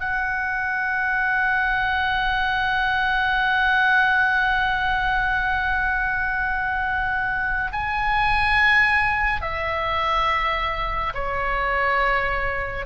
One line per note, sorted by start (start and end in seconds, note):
0.00 7.71 F#5
7.72 9.41 G#5
9.41 11.13 E5
11.14 12.86 C#5